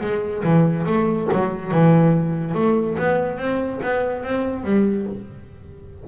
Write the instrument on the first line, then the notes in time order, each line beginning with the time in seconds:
double bass
0.00 G#3
0.43 E3
0.86 A3
1.32 F#3
1.71 E3
2.54 A3
2.98 B3
3.37 C4
3.83 B3
4.23 C4
4.64 G3